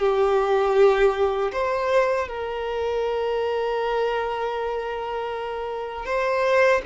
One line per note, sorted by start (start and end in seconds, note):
0.00 1.52 G4
1.52 2.28 C5
2.29 6.06 A#4
6.06 6.82 C5